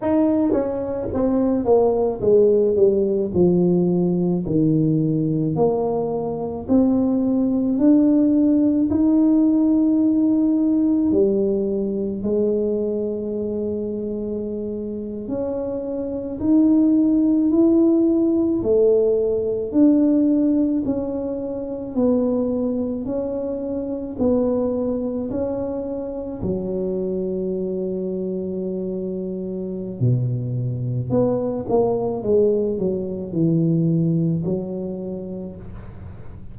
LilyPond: \new Staff \with { instrumentName = "tuba" } { \time 4/4 \tempo 4 = 54 dis'8 cis'8 c'8 ais8 gis8 g8 f4 | dis4 ais4 c'4 d'4 | dis'2 g4 gis4~ | gis4.~ gis16 cis'4 dis'4 e'16~ |
e'8. a4 d'4 cis'4 b16~ | b8. cis'4 b4 cis'4 fis16~ | fis2. b,4 | b8 ais8 gis8 fis8 e4 fis4 | }